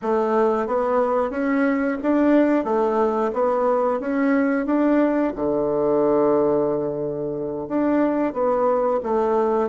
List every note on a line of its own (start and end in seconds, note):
0.02 0.66 A3
0.66 1.30 B3
1.30 1.97 C#4
2.02 2.64 D4
2.64 3.31 A3
3.33 3.99 B3
3.99 4.66 C#4
4.66 5.32 D4
5.35 7.68 D3
7.68 8.33 D4
8.33 9.00 B3
9.03 9.68 A3